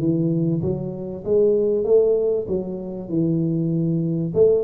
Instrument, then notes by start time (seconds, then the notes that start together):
tuba
0.00 E3
0.62 F#3
1.25 G#3
1.85 A3
2.48 F#3
3.10 E3
4.35 A3